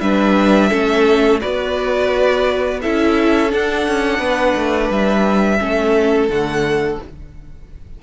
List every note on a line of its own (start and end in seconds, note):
0.00 0.70 G3
0.00 0.70 D4
0.00 0.69 B4
0.00 1.40 E5
0.69 1.42 A3
0.69 1.40 C#4
0.69 1.39 A4
1.40 2.84 B3
1.40 2.80 F#4
1.40 2.80 B4
1.40 2.80 D5
2.81 3.53 C#4
2.81 3.49 E4
2.81 4.18 A4
2.81 3.51 E5
3.49 5.58 D4
3.49 3.87 D4
3.49 4.91 F#5
3.87 4.19 C#4
4.18 4.54 B3
4.18 5.58 B4
4.55 4.90 A3
4.90 5.59 G3
4.90 6.29 E5
5.58 6.28 A3
5.58 6.28 C#4
5.58 7.02 A4
6.28 6.98 D3
6.28 6.99 A3
6.28 6.99 F#5